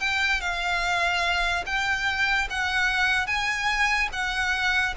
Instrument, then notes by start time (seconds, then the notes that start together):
violin
0.00 G5
0.41 F5
1.66 G5
2.50 F#5
3.27 G#5
4.12 F#5